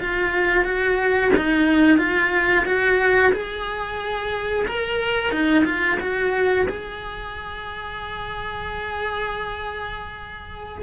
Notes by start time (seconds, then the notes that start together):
0.00 F4
0.65 F#4
1.36 D#4
1.98 F4
2.65 F#4
3.33 G#4
4.67 A#4
5.31 D#4
5.65 F4
6.00 F#4
6.69 G#4